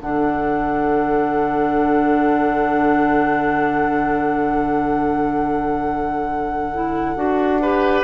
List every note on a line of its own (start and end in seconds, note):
0.00 7.16 D3
0.00 6.72 D4
0.00 7.61 A4
0.00 8.04 F#5
6.73 7.15 E4
7.15 8.04 D4
7.15 7.60 F#4
7.61 8.04 G4
7.61 8.04 B4